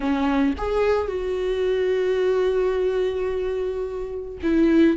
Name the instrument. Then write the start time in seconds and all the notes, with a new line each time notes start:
viola
0.00 C#4
0.57 G#4
1.07 F#4
4.42 E4